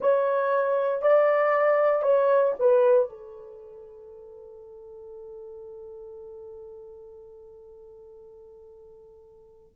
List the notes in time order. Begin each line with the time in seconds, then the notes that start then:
0.00 C#5
1.01 D5
2.02 C#5
2.59 B4
3.09 A4